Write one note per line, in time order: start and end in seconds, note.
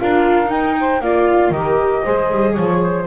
0.00 0.51 D4
0.00 0.47 F4
0.00 0.77 A#4
0.00 0.50 F5
0.47 0.98 D#4
0.47 1.01 D#4
0.47 1.02 G5
0.80 1.02 C5
1.01 1.50 A#3
1.01 1.55 F4
1.01 1.54 D5
1.01 1.52 F5
1.50 2.02 D#3
1.50 2.06 G4
1.50 2.04 A#4
1.50 2.54 D#5
2.04 2.32 G#3
2.04 3.08 G#4
2.04 2.54 C5
2.32 2.57 G3
2.54 3.08 F3
2.54 2.79 C#5
2.54 3.05 C#5
2.83 3.08 C5